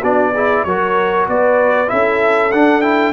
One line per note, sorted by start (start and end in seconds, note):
0.00 0.65 B3
0.00 0.33 D4
0.00 0.31 F#4
0.00 0.64 D5
0.33 0.67 E4
0.33 0.65 G#4
0.64 1.28 F#3
0.64 1.87 F#4
0.64 1.29 A#4
0.64 1.26 C#5
1.28 1.90 B3
1.28 1.91 B4
1.28 1.89 D5
1.87 2.54 C#4
1.87 2.50 E4
1.87 3.12 A4
1.87 2.52 E5
2.52 3.12 D4
2.52 2.82 D4
2.52 2.81 F#5
2.81 3.12 E4
2.81 3.12 G5